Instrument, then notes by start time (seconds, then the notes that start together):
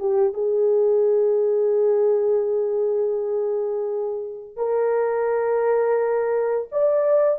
horn
0.00 G4
0.34 G#4
4.57 A#4
6.72 D5